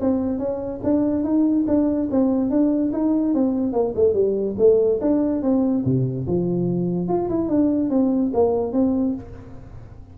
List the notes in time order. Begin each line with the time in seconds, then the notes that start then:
0.00 C4
0.38 C#4
0.83 D4
1.23 D#4
1.67 D4
2.11 C4
2.50 D4
2.92 D#4
3.34 C4
3.72 A#3
3.95 A3
4.13 G3
4.58 A3
5.00 D4
5.42 C4
5.84 C3
6.26 F3
7.08 F4
7.29 E4
7.48 D4
7.90 C4
8.33 A#3
8.72 C4